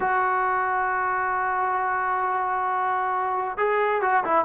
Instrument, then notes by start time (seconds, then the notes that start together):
trombone
0.00 F#4
3.57 G#4
4.01 F#4
4.24 E4